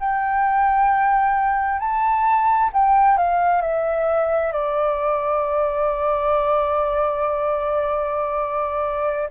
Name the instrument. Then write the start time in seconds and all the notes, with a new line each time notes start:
flute
0.00 G5
1.80 A5
2.73 G5
3.17 F5
3.62 E5
4.52 D5